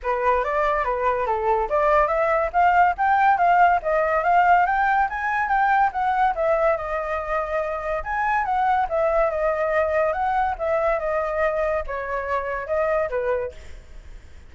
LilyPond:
\new Staff \with { instrumentName = "flute" } { \time 4/4 \tempo 4 = 142 b'4 d''4 b'4 a'4 | d''4 e''4 f''4 g''4 | f''4 dis''4 f''4 g''4 | gis''4 g''4 fis''4 e''4 |
dis''2. gis''4 | fis''4 e''4 dis''2 | fis''4 e''4 dis''2 | cis''2 dis''4 b'4 | }